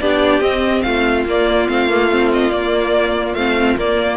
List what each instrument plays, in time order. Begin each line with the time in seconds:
0.00 cello B3, viola D4, violin G4 D5
0.40 cello C4, viola C4, violin D#5
0.82 cello A3, violin F4 F5
1.26 cello A#3, viola A#3, violin D5
1.68 cello A3, viola C4, violin F5
1.89 viola A#3
2.11 viola C4
2.33 violin D#5
2.51 viola A#3, cello A#3, violin D5
3.35 cello A3, viola C4, violin F5
3.77 cello A#3, viola A#3, violin D5